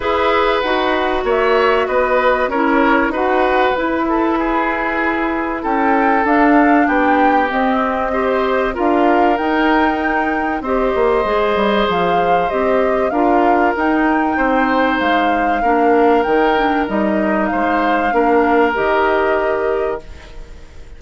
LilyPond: <<
  \new Staff \with { instrumentName = "flute" } { \time 4/4 \tempo 4 = 96 e''4 fis''4 e''4 dis''4 | cis''4 fis''4 b'2~ | b'4 g''4 f''4 g''4 | dis''2 f''4 g''4~ |
g''4 dis''2 f''4 | dis''4 f''4 g''2 | f''2 g''4 dis''4 | f''2 dis''2 | }
  \new Staff \with { instrumentName = "oboe" } { \time 4/4 b'2 cis''4 b'4 | ais'4 b'4. a'8 gis'4~ | gis'4 a'2 g'4~ | g'4 c''4 ais'2~ |
ais'4 c''2.~ | c''4 ais'2 c''4~ | c''4 ais'2. | c''4 ais'2. | }
  \new Staff \with { instrumentName = "clarinet" } { \time 4/4 gis'4 fis'2. | e'4 fis'4 e'2~ | e'2 d'2 | c'4 g'4 f'4 dis'4~ |
dis'4 g'4 gis'2 | g'4 f'4 dis'2~ | dis'4 d'4 dis'8 d'8 dis'4~ | dis'4 d'4 g'2 | }
  \new Staff \with { instrumentName = "bassoon" } { \time 4/4 e'4 dis'4 ais4 b4 | cis'4 dis'4 e'2~ | e'4 cis'4 d'4 b4 | c'2 d'4 dis'4~ |
dis'4 c'8 ais8 gis8 g8 f4 | c'4 d'4 dis'4 c'4 | gis4 ais4 dis4 g4 | gis4 ais4 dis2 | }
>>